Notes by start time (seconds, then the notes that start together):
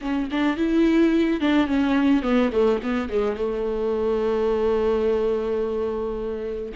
0.01 C#4
0.31 D4
0.56 E4
1.40 D4
1.67 C#4
2.22 B3
2.52 A3
2.82 B3
3.09 G#3
3.36 A3